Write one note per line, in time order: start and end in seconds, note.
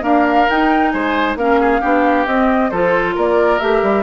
0.00 0.45 A#3
0.00 0.49 D4
0.00 0.93 A#4
0.07 0.50 F5
0.50 0.94 D#4
0.50 1.39 D#4
0.50 0.90 G5
0.90 1.36 G#3
0.90 1.39 C5
0.90 1.35 G#5
1.36 1.81 A#3
1.36 1.83 C#4
1.36 1.61 A#4
1.36 2.27 F5
1.61 1.81 G#4
1.81 2.27 B3
1.81 2.28 D4
1.81 2.71 G4
2.27 2.72 C4
2.27 2.71 D#5
2.71 3.17 F3
2.71 3.61 F4
2.71 3.15 A4
2.71 3.15 C5
3.15 3.61 A#3
3.15 4.03 A#4
3.15 3.60 D5
3.60 3.83 A3
3.60 4.03 G4
3.60 4.03 E5
3.83 4.03 G3